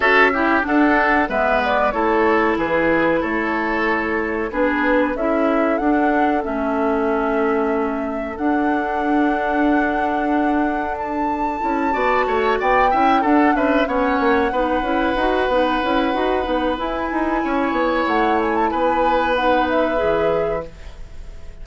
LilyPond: <<
  \new Staff \with { instrumentName = "flute" } { \time 4/4 \tempo 4 = 93 e''4 fis''4 e''8 d''8 cis''4 | b'4 cis''2 b'4 | e''4 fis''4 e''2~ | e''4 fis''2.~ |
fis''4 a''2~ a''8 g''8~ | g''8 fis''8 e''8 fis''2~ fis''8~ | fis''2 gis''2 | fis''8 gis''16 a''16 gis''4 fis''8 e''4. | }
  \new Staff \with { instrumentName = "oboe" } { \time 4/4 a'8 g'8 a'4 b'4 a'4 | gis'4 a'2 gis'4 | a'1~ | a'1~ |
a'2~ a'8 d''8 cis''8 d''8 | e''8 a'8 b'8 cis''4 b'4.~ | b'2. cis''4~ | cis''4 b'2. | }
  \new Staff \with { instrumentName = "clarinet" } { \time 4/4 fis'8 e'8 d'4 b4 e'4~ | e'2. d'4 | e'4 d'4 cis'2~ | cis'4 d'2.~ |
d'2 e'8 fis'4. | e'8 d'4 cis'4 dis'8 e'8 fis'8 | dis'8 e'8 fis'8 dis'8 e'2~ | e'2 dis'4 gis'4 | }
  \new Staff \with { instrumentName = "bassoon" } { \time 4/4 cis'4 d'4 gis4 a4 | e4 a2 b4 | cis'4 d'4 a2~ | a4 d'2.~ |
d'2 cis'8 b8 a8 b8 | cis'8 d'8 cis'8 b8 ais8 b8 cis'8 dis'8 | b8 cis'8 dis'8 b8 e'8 dis'8 cis'8 b8 | a4 b2 e4 | }
>>